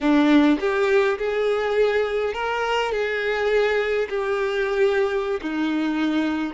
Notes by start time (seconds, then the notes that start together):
0.00 D4
0.60 G4
1.18 G#4
2.33 A#4
2.92 G#4
4.09 G4
5.41 D#4